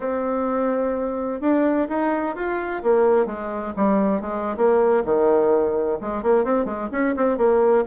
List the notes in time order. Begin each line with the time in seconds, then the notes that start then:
0.00 C4
1.40 D4
1.88 D#4
2.35 F4
2.83 A#3
3.26 G#3
3.76 G3
4.21 G#3
4.56 A#3
5.04 D#3
6.01 G#3
6.22 A#3
6.44 C4
6.65 G#3
6.91 C#4
7.16 C4
7.37 A#3